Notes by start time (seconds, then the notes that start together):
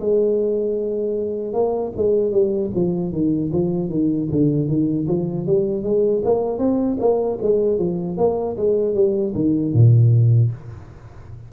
0.00 G#3
1.53 A#3
1.96 G#3
2.32 G3
2.75 F3
3.12 D#3
3.53 F3
3.89 D#3
4.31 D3
4.68 D#3
5.08 F3
5.47 G3
5.83 G#3
6.24 A#3
6.58 C4
7.00 A#3
7.42 G#3
7.78 F3
8.17 A#3
8.57 G#3
8.94 G3
9.35 D#3
9.73 A#2